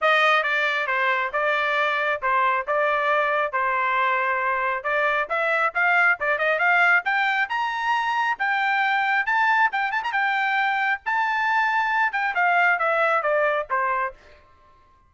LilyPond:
\new Staff \with { instrumentName = "trumpet" } { \time 4/4 \tempo 4 = 136 dis''4 d''4 c''4 d''4~ | d''4 c''4 d''2 | c''2. d''4 | e''4 f''4 d''8 dis''8 f''4 |
g''4 ais''2 g''4~ | g''4 a''4 g''8 a''16 ais''16 g''4~ | g''4 a''2~ a''8 g''8 | f''4 e''4 d''4 c''4 | }